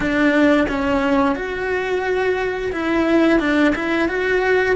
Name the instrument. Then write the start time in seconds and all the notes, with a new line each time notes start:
cello
0.00 D4
0.68 C#4
1.35 F#4
2.72 E4
3.39 D4
3.75 E4
4.08 F#4